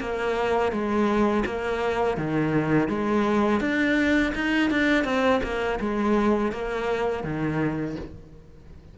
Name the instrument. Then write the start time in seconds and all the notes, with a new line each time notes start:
cello
0.00 A#3
0.72 G#3
1.46 A#3
2.18 D#3
2.88 G#3
3.61 D4
4.35 D#4
4.71 D4
5.05 C4
5.43 A#3
5.80 G#3
6.52 A#3
7.24 D#3